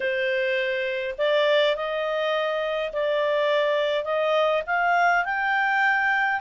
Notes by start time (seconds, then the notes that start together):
0.00 C5
1.18 D5
1.76 D#5
2.92 D5
4.04 D#5
4.66 F5
5.24 G5